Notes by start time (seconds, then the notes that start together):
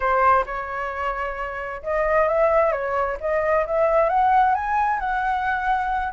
0.00 C5
0.46 C#5
1.82 D#5
2.28 E5
2.71 C#5
3.20 D#5
3.66 E5
4.09 F#5
4.54 G#5
4.99 F#5